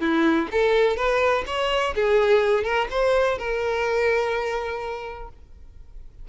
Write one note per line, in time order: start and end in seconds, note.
0.00 0.48 E4
0.51 0.97 A4
0.97 1.44 B4
1.47 1.94 C#5
1.95 2.64 G#4
2.64 2.88 A#4
2.90 3.38 C5
3.38 5.29 A#4